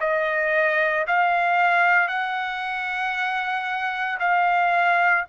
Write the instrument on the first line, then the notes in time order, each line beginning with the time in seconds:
trumpet
0.00 D#5
1.07 F5
2.08 F#5
4.20 F5